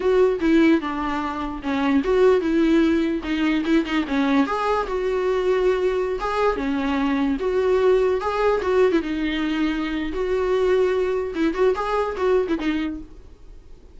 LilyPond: \new Staff \with { instrumentName = "viola" } { \time 4/4 \tempo 4 = 148 fis'4 e'4 d'2 | cis'4 fis'4 e'2 | dis'4 e'8 dis'8 cis'4 gis'4 | fis'2.~ fis'16 gis'8.~ |
gis'16 cis'2 fis'4.~ fis'16~ | fis'16 gis'4 fis'8. e'16 dis'4.~ dis'16~ | dis'4 fis'2. | e'8 fis'8 gis'4 fis'8. e'16 dis'4 | }